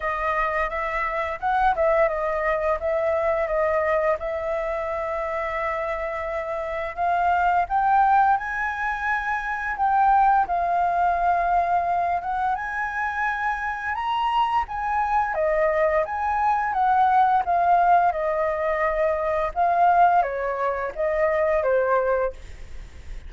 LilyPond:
\new Staff \with { instrumentName = "flute" } { \time 4/4 \tempo 4 = 86 dis''4 e''4 fis''8 e''8 dis''4 | e''4 dis''4 e''2~ | e''2 f''4 g''4 | gis''2 g''4 f''4~ |
f''4. fis''8 gis''2 | ais''4 gis''4 dis''4 gis''4 | fis''4 f''4 dis''2 | f''4 cis''4 dis''4 c''4 | }